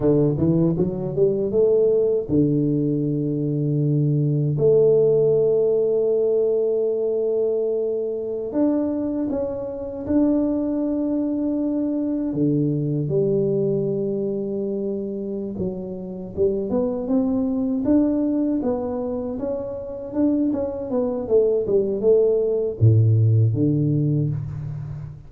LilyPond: \new Staff \with { instrumentName = "tuba" } { \time 4/4 \tempo 4 = 79 d8 e8 fis8 g8 a4 d4~ | d2 a2~ | a2.~ a16 d'8.~ | d'16 cis'4 d'2~ d'8.~ |
d'16 d4 g2~ g8.~ | g8 fis4 g8 b8 c'4 d'8~ | d'8 b4 cis'4 d'8 cis'8 b8 | a8 g8 a4 a,4 d4 | }